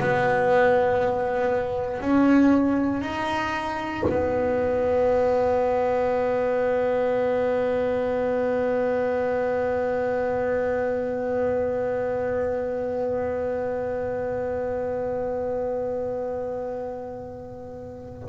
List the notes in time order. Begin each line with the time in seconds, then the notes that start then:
0.00 B3
2.01 C#4
3.02 D#4
4.09 B3